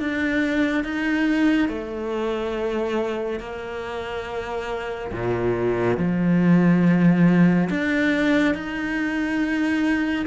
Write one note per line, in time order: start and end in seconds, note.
0.00 0.84 D4
0.84 1.69 D#4
1.69 3.40 A3
3.40 5.11 A#3
5.12 5.98 A#2
5.98 7.69 F3
7.70 8.55 D4
8.55 10.26 D#4